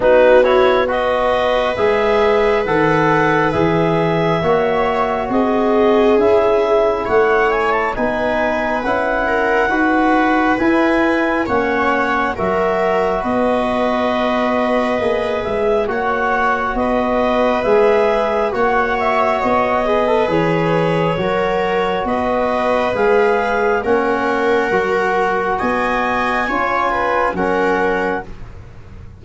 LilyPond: <<
  \new Staff \with { instrumentName = "clarinet" } { \time 4/4 \tempo 4 = 68 b'8 cis''8 dis''4 e''4 fis''4 | e''2 dis''4 e''4 | fis''8 gis''16 a''16 gis''4 fis''2 | gis''4 fis''4 e''4 dis''4~ |
dis''4. e''8 fis''4 dis''4 | e''4 fis''8 e''8 dis''4 cis''4~ | cis''4 dis''4 f''4 fis''4~ | fis''4 gis''2 fis''4 | }
  \new Staff \with { instrumentName = "viola" } { \time 4/4 fis'4 b'2.~ | b'4 cis''4 gis'2 | cis''4 b'4. ais'8 b'4~ | b'4 cis''4 ais'4 b'4~ |
b'2 cis''4 b'4~ | b'4 cis''4. b'4. | ais'4 b'2 ais'4~ | ais'4 dis''4 cis''8 b'8 ais'4 | }
  \new Staff \with { instrumentName = "trombone" } { \time 4/4 dis'8 e'8 fis'4 gis'4 a'4 | gis'4 fis'2 e'4~ | e'4 dis'4 e'4 fis'4 | e'4 cis'4 fis'2~ |
fis'4 gis'4 fis'2 | gis'4 fis'4. gis'16 a'16 gis'4 | fis'2 gis'4 cis'4 | fis'2 f'4 cis'4 | }
  \new Staff \with { instrumentName = "tuba" } { \time 4/4 b2 gis4 dis4 | e4 ais4 c'4 cis'4 | a4 b4 cis'4 dis'4 | e'4 ais4 fis4 b4~ |
b4 ais8 gis8 ais4 b4 | gis4 ais4 b4 e4 | fis4 b4 gis4 ais4 | fis4 b4 cis'4 fis4 | }
>>